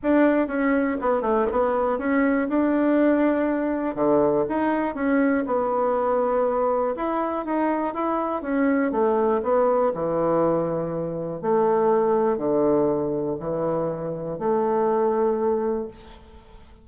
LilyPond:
\new Staff \with { instrumentName = "bassoon" } { \time 4/4 \tempo 4 = 121 d'4 cis'4 b8 a8 b4 | cis'4 d'2. | d4 dis'4 cis'4 b4~ | b2 e'4 dis'4 |
e'4 cis'4 a4 b4 | e2. a4~ | a4 d2 e4~ | e4 a2. | }